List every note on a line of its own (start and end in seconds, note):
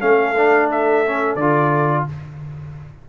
0.00 1.35 A3
0.00 0.34 C#4
0.00 2.05 A4
0.00 0.69 F5
0.37 1.05 D4
0.71 1.35 E5
1.05 1.39 C#4
1.35 2.04 D3
1.35 2.08 F4
1.35 2.04 D5